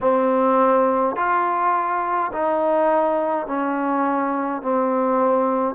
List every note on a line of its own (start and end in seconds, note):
0.01 1.15 C4
1.15 2.31 F4
2.32 3.46 D#4
3.46 4.62 C#4
4.62 5.75 C4